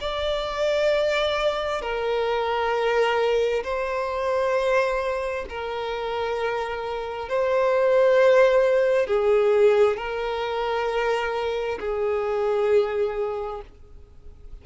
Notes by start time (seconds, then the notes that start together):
0.00 D5
1.81 A#4
3.63 C5
5.49 A#4
7.29 C5
9.06 G#4
9.97 A#4
11.79 G#4